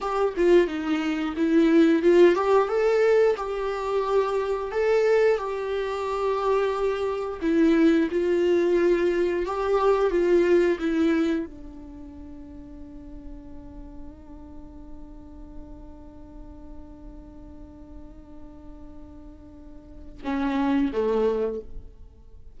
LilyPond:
\new Staff \with { instrumentName = "viola" } { \time 4/4 \tempo 4 = 89 g'8 f'8 dis'4 e'4 f'8 g'8 | a'4 g'2 a'4 | g'2. e'4 | f'2 g'4 f'4 |
e'4 d'2.~ | d'1~ | d'1~ | d'2 cis'4 a4 | }